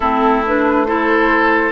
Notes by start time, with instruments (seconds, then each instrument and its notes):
0.00 bassoon A3, clarinet C4, oboe E4, flute A4
0.46 clarinet D4, flute B4
0.85 clarinet E4, oboe A4, flute C5